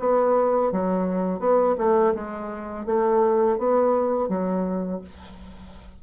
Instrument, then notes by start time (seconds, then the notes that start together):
bassoon
0.00 B3
0.72 F#3
1.40 B3
1.78 A3
2.15 G#3
2.86 A3
3.58 B3
4.29 F#3